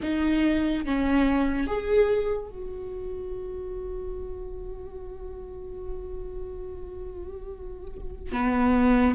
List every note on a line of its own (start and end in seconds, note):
0.02 0.85 D#4
0.85 1.67 C#4
1.67 2.48 G#4
2.48 8.31 F#4
8.31 9.14 B3